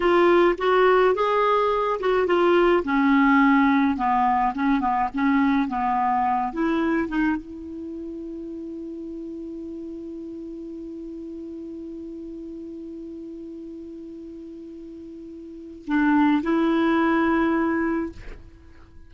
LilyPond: \new Staff \with { instrumentName = "clarinet" } { \time 4/4 \tempo 4 = 106 f'4 fis'4 gis'4. fis'8 | f'4 cis'2 b4 | cis'8 b8 cis'4 b4. e'8~ | e'8 dis'8 e'2.~ |
e'1~ | e'1~ | e'1 | d'4 e'2. | }